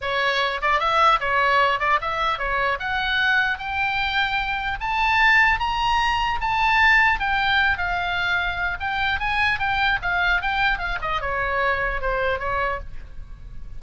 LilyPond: \new Staff \with { instrumentName = "oboe" } { \time 4/4 \tempo 4 = 150 cis''4. d''8 e''4 cis''4~ | cis''8 d''8 e''4 cis''4 fis''4~ | fis''4 g''2. | a''2 ais''2 |
a''2 g''4. f''8~ | f''2 g''4 gis''4 | g''4 f''4 g''4 f''8 dis''8 | cis''2 c''4 cis''4 | }